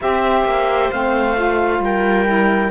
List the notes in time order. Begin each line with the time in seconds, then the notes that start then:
0.01 C4 G4 C5 E5
0.44 A#3
0.91 A3 C4 F5
1.36 F4
1.79 G3 A#4 G5
2.25 E4